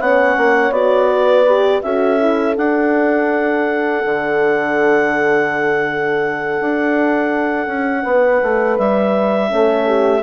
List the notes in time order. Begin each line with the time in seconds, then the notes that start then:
0.00 B3 C#4 C#5 F#5
0.38 A#3
0.71 B3 F#4 D5
1.09 B4
1.46 G4
1.82 C#4 F#4 A4 E5
2.20 E4
2.57 D4 F#5
4.06 D3
6.61 D4
7.67 C#4
8.03 B3 B4
8.43 A3
8.79 G3 E5
9.48 A3 C#4 A4
9.87 G4